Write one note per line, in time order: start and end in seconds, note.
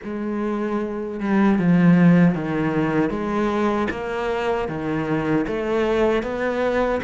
0.03 1.19 G#3
1.19 1.58 G3
1.58 2.34 F3
2.34 3.10 D#3
3.10 3.87 G#3
3.90 4.68 A#3
4.68 5.46 D#3
5.47 6.22 A3
6.22 7.00 B3